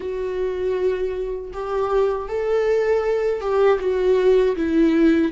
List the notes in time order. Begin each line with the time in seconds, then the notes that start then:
0.00 F#4
1.53 G4
2.28 A4
3.40 G4
3.79 F#4
4.56 E4